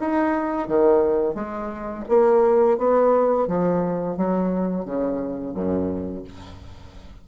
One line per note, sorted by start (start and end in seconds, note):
0.00 0.68 D#4
0.68 1.34 D#3
1.34 2.04 G#3
2.09 2.78 A#3
2.78 3.48 B3
3.48 4.17 F3
4.17 4.85 F#3
4.85 5.54 C#3
5.54 6.24 F#2